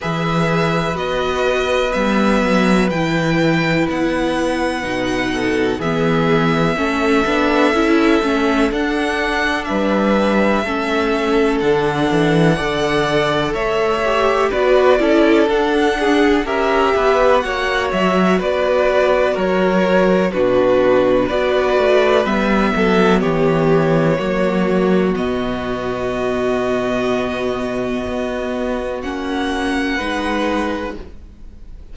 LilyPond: <<
  \new Staff \with { instrumentName = "violin" } { \time 4/4 \tempo 4 = 62 e''4 dis''4 e''4 g''4 | fis''2 e''2~ | e''4 fis''4 e''2 | fis''2 e''4 d''4 |
fis''4 e''4 fis''8 e''8 d''4 | cis''4 b'4 d''4 e''4 | cis''2 dis''2~ | dis''2 fis''2 | }
  \new Staff \with { instrumentName = "violin" } { \time 4/4 b'1~ | b'4. a'8 gis'4 a'4~ | a'2 b'4 a'4~ | a'4 d''4 cis''4 b'8 a'8~ |
a'8 gis'8 ais'8 b'8 cis''4 b'4 | ais'4 fis'4 b'4. a'8 | g'4 fis'2.~ | fis'2. b'4 | }
  \new Staff \with { instrumentName = "viola" } { \time 4/4 gis'4 fis'4 b4 e'4~ | e'4 dis'4 b4 cis'8 d'8 | e'8 cis'8 d'2 cis'4 | d'4 a'4. g'8 fis'8 e'8 |
d'4 g'4 fis'2~ | fis'4 d'4 fis'4 b4~ | b4 ais4 b2~ | b2 cis'4 dis'4 | }
  \new Staff \with { instrumentName = "cello" } { \time 4/4 e4 b4 g8 fis8 e4 | b4 b,4 e4 a8 b8 | cis'8 a8 d'4 g4 a4 | d8 e8 d4 a4 b8 cis'8 |
d'4 cis'8 b8 ais8 fis8 b4 | fis4 b,4 b8 a8 g8 fis8 | e4 fis4 b,2~ | b,4 b4 ais4 gis4 | }
>>